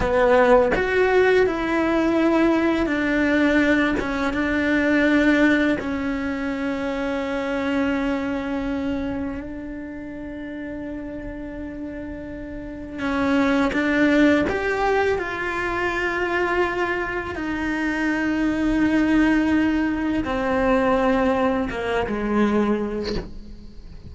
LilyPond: \new Staff \with { instrumentName = "cello" } { \time 4/4 \tempo 4 = 83 b4 fis'4 e'2 | d'4. cis'8 d'2 | cis'1~ | cis'4 d'2.~ |
d'2 cis'4 d'4 | g'4 f'2. | dis'1 | c'2 ais8 gis4. | }